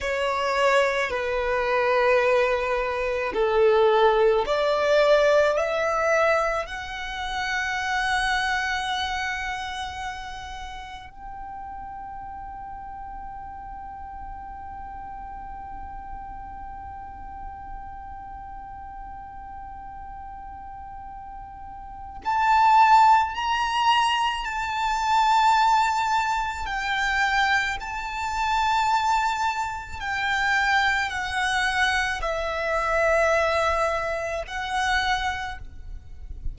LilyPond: \new Staff \with { instrumentName = "violin" } { \time 4/4 \tempo 4 = 54 cis''4 b'2 a'4 | d''4 e''4 fis''2~ | fis''2 g''2~ | g''1~ |
g''1 | a''4 ais''4 a''2 | g''4 a''2 g''4 | fis''4 e''2 fis''4 | }